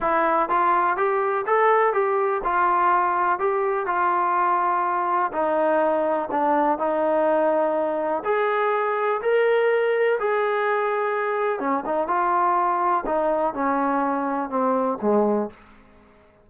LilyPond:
\new Staff \with { instrumentName = "trombone" } { \time 4/4 \tempo 4 = 124 e'4 f'4 g'4 a'4 | g'4 f'2 g'4 | f'2. dis'4~ | dis'4 d'4 dis'2~ |
dis'4 gis'2 ais'4~ | ais'4 gis'2. | cis'8 dis'8 f'2 dis'4 | cis'2 c'4 gis4 | }